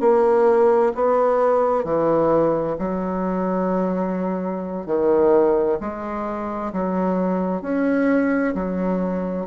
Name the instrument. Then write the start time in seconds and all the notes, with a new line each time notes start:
bassoon
0.00 A#3
0.94 B3
1.84 E3
2.78 F#3
4.86 D#3
5.80 G#3
6.73 F#3
7.62 C#4
8.54 F#3